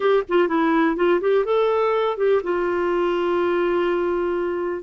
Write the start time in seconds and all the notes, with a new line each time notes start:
0.00 G4
0.28 F4
0.48 E4
0.96 F4
1.20 G4
1.45 A4
2.17 G4
2.43 F4